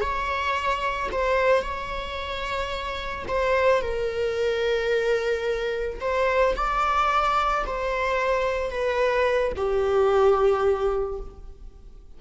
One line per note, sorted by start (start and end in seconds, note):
0.00 1.09 C#5
1.12 1.62 C5
1.62 3.25 C#5
3.28 3.81 C5
3.81 6.00 A#4
6.00 6.55 C5
6.55 7.64 D5
7.66 8.70 C5
8.70 9.52 B4
9.56 11.19 G4